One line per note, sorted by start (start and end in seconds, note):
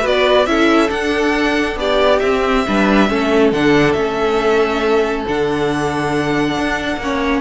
0.00 0.47 B3
0.00 0.46 F#4
0.00 0.43 B4
0.06 0.46 D5
0.46 0.90 C#4
0.46 0.89 E4
0.46 1.79 A4
0.46 0.89 E5
0.89 2.19 D4
0.89 1.76 D4
0.89 1.77 F#5
1.76 2.19 B3
1.76 2.66 G4
1.76 2.19 D5
2.19 2.66 C4
2.19 3.49 E5
2.66 3.09 G3
2.66 3.09 D4
2.66 3.09 B4
3.09 3.52 A3
3.09 3.52 C#4
3.09 7.01 A4
3.52 3.94 D3
3.52 3.96 D4
3.52 3.93 F#5
3.93 5.25 A3
3.93 5.26 C#4
3.93 5.23 E5
5.28 6.58 D3
5.28 7.02 D4
5.28 7.40 F#5
6.58 6.97 D4
6.97 7.40 A#3
6.97 7.40 C#4
6.97 7.40 C#5